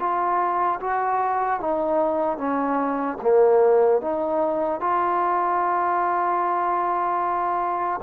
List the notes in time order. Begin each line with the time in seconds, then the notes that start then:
0.00 F4
0.81 F#4
1.60 D#4
2.38 C#4
3.22 A#3
4.02 D#4
4.81 F4